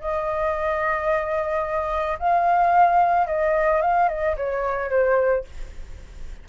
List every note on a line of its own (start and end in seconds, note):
0.00 2.18 D#5
2.19 3.27 F5
3.27 3.81 D#5
3.81 4.08 F5
4.08 4.36 D#5
4.36 4.90 C#5
4.90 5.44 C5